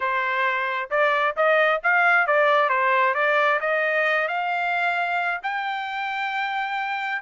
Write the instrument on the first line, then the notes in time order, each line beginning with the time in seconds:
trumpet
0.00 C5
0.90 D5
1.36 D#5
1.83 F5
2.26 D5
2.69 C5
3.14 D5
3.60 D#5
4.28 F5
5.43 G5